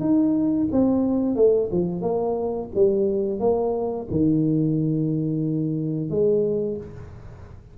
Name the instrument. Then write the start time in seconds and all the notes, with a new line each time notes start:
tuba
0.00 D#4
0.72 C4
1.35 A3
1.71 F3
2.01 A#3
2.75 G3
3.40 A#3
4.10 D#3
6.10 G#3